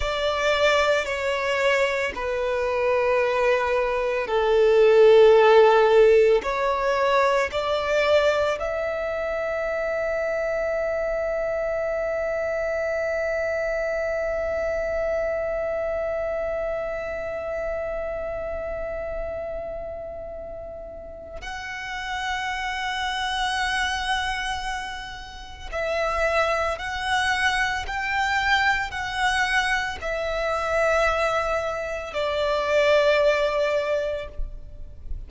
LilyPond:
\new Staff \with { instrumentName = "violin" } { \time 4/4 \tempo 4 = 56 d''4 cis''4 b'2 | a'2 cis''4 d''4 | e''1~ | e''1~ |
e''1 | fis''1 | e''4 fis''4 g''4 fis''4 | e''2 d''2 | }